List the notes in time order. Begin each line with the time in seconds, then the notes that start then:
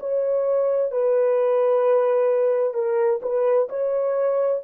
0.00 C#5
0.91 B4
2.74 A#4
3.22 B4
3.69 C#5